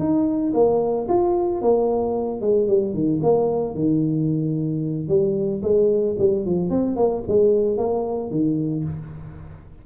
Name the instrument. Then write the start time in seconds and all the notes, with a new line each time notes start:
tuba
0.00 D#4
0.54 A#3
1.09 F4
1.62 A#3
2.42 G#3
2.68 G3
2.94 D#3
3.23 A#3
3.75 D#3
5.09 G3
5.63 G#3
6.19 G3
6.46 F3
6.70 C4
6.97 A#3
7.28 G#3
7.78 A#3
8.31 D#3